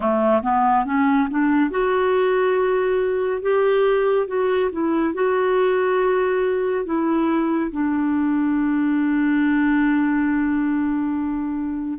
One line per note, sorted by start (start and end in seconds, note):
0.00 0.41 A3
0.42 0.85 B3
0.85 1.28 C#4
1.29 1.70 D4
1.70 3.42 F#4
3.42 4.27 G4
4.27 4.70 F#4
4.71 5.14 E4
5.14 6.85 F#4
6.85 7.71 E4
7.71 11.98 D4